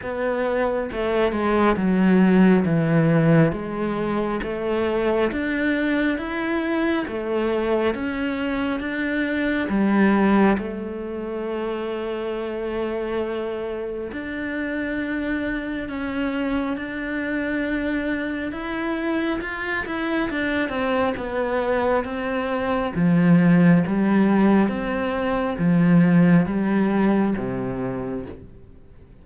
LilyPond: \new Staff \with { instrumentName = "cello" } { \time 4/4 \tempo 4 = 68 b4 a8 gis8 fis4 e4 | gis4 a4 d'4 e'4 | a4 cis'4 d'4 g4 | a1 |
d'2 cis'4 d'4~ | d'4 e'4 f'8 e'8 d'8 c'8 | b4 c'4 f4 g4 | c'4 f4 g4 c4 | }